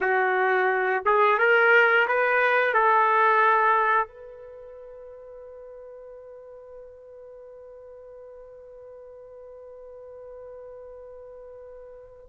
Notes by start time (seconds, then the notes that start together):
0.01 F#4
1.05 G#4
1.38 A#4
2.07 B4
2.73 A4
4.07 B4